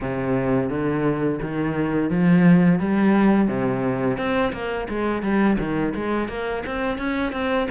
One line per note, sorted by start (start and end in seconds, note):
0.01 0.69 C3
0.69 1.39 D3
1.41 2.09 D#3
2.09 2.79 F3
2.79 3.48 G3
3.48 4.17 C3
4.17 4.52 C4
4.53 4.87 A#3
4.88 5.22 G#3
5.22 5.57 G3
5.58 5.93 D#3
5.94 6.28 G#3
6.28 6.63 A#3
6.66 6.98 C4
6.98 7.32 C#4
7.32 7.67 C4